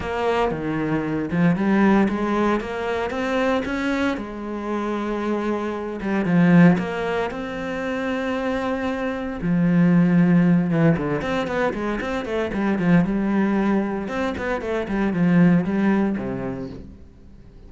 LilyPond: \new Staff \with { instrumentName = "cello" } { \time 4/4 \tempo 4 = 115 ais4 dis4. f8 g4 | gis4 ais4 c'4 cis'4 | gis2.~ gis8 g8 | f4 ais4 c'2~ |
c'2 f2~ | f8 e8 d8 c'8 b8 gis8 c'8 a8 | g8 f8 g2 c'8 b8 | a8 g8 f4 g4 c4 | }